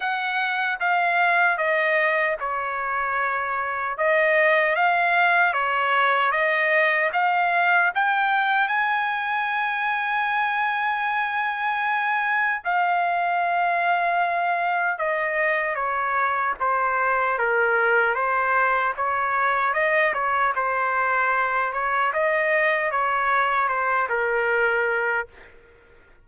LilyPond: \new Staff \with { instrumentName = "trumpet" } { \time 4/4 \tempo 4 = 76 fis''4 f''4 dis''4 cis''4~ | cis''4 dis''4 f''4 cis''4 | dis''4 f''4 g''4 gis''4~ | gis''1 |
f''2. dis''4 | cis''4 c''4 ais'4 c''4 | cis''4 dis''8 cis''8 c''4. cis''8 | dis''4 cis''4 c''8 ais'4. | }